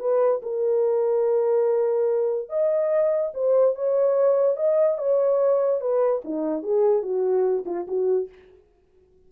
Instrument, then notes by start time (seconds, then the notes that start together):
horn
0.00 B4
0.43 A#4
2.50 D#5
3.34 C5
3.76 C#5
4.57 D#5
4.98 C#5
5.81 B4
6.25 D#4
6.63 G#4
7.03 F#4
7.66 F4
7.88 F#4